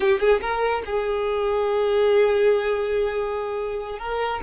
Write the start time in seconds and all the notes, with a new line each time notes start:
0.00 G4
0.19 G#4
0.40 A#4
0.85 G#4
3.98 A#4